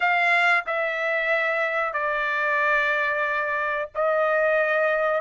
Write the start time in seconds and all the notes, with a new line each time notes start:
0.00 F5
0.66 E5
1.93 D5
3.95 D#5